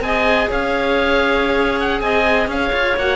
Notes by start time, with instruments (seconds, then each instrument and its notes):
0.00 cello C4, viola G#4, clarinet D#5, oboe G#5
0.49 cello C#4, clarinet C#5, oboe F5
1.80 oboe F#5
2.00 cello C4, clarinet D#5, oboe G#5
2.47 cello C#4, clarinet C#5, oboe F5
2.73 cello F4
2.96 cello A#3, viola F#4, oboe F#5